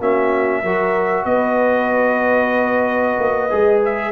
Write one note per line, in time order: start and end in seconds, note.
0.00 0.63 A#3
0.00 0.65 C#4
0.00 0.63 F#4
0.00 1.25 E5
0.63 1.25 F#3
0.63 3.50 F#4
0.63 1.27 A#4
1.25 3.17 B3
1.25 4.12 B4
1.25 3.81 D#5
3.20 3.52 A#3
3.50 4.12 G#3
3.50 4.12 G#4
3.85 4.12 E5